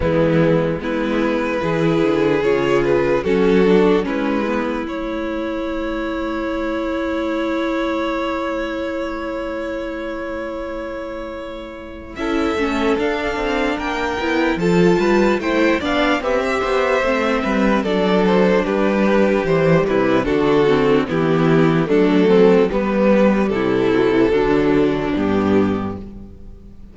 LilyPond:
<<
  \new Staff \with { instrumentName = "violin" } { \time 4/4 \tempo 4 = 74 e'4 b'2 cis''8 b'8 | a'4 b'4 cis''2~ | cis''1~ | cis''2. e''4 |
f''4 g''4 a''4 g''8 f''8 | e''2 d''8 c''8 b'4 | c''8 b'8 a'4 g'4 a'4 | b'4 a'2 g'4 | }
  \new Staff \with { instrumentName = "violin" } { \time 4/4 b4 e'4 gis'2 | fis'4 e'2.~ | e'1~ | e'2. a'4~ |
a'4 ais'4 a'8 b'8 c''8 d''8 | b16 e''16 c''4 b'8 a'4 g'4~ | g'8 e'8 fis'4 e'4 d'8 c'8 | b4 e'4 d'2 | }
  \new Staff \with { instrumentName = "viola" } { \time 4/4 gis4 b4 e'4 f'4 | cis'8 d'8 cis'8 b8 a2~ | a1~ | a2. e'8 cis'8 |
d'4. e'8 f'4 e'8 d'8 | g'4 c'4 d'2 | g4 d'8 c'8 b4 a4 | g4. fis16 e16 fis4 b4 | }
  \new Staff \with { instrumentName = "cello" } { \time 4/4 e4 gis4 e8 d8 cis4 | fis4 gis4 a2~ | a1~ | a2. cis'8 a8 |
d'8 c'8 ais8 b8 f8 g8 a8 b8 | c'8 b8 a8 g8 fis4 g4 | e8 c8 d4 e4 fis4 | g4 c4 d4 g,4 | }
>>